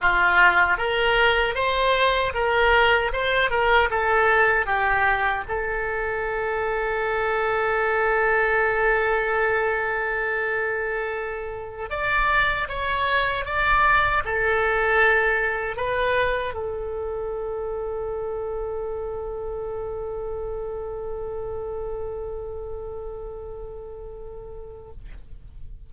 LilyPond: \new Staff \with { instrumentName = "oboe" } { \time 4/4 \tempo 4 = 77 f'4 ais'4 c''4 ais'4 | c''8 ais'8 a'4 g'4 a'4~ | a'1~ | a'2.~ a'16 d''8.~ |
d''16 cis''4 d''4 a'4.~ a'16~ | a'16 b'4 a'2~ a'8.~ | a'1~ | a'1 | }